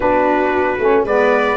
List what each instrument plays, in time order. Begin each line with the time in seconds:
0.00 tuba B3, saxophone D4, viola F#4, trumpet B4
0.79 tuba A3, saxophone C#4
1.04 tuba G#3, saxophone B3, viola B4, trumpet D5